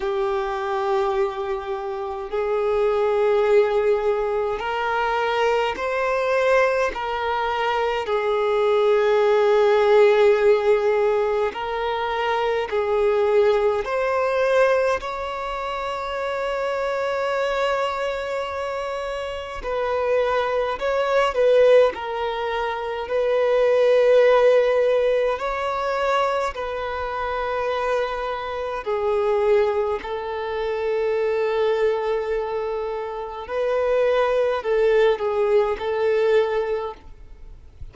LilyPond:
\new Staff \with { instrumentName = "violin" } { \time 4/4 \tempo 4 = 52 g'2 gis'2 | ais'4 c''4 ais'4 gis'4~ | gis'2 ais'4 gis'4 | c''4 cis''2.~ |
cis''4 b'4 cis''8 b'8 ais'4 | b'2 cis''4 b'4~ | b'4 gis'4 a'2~ | a'4 b'4 a'8 gis'8 a'4 | }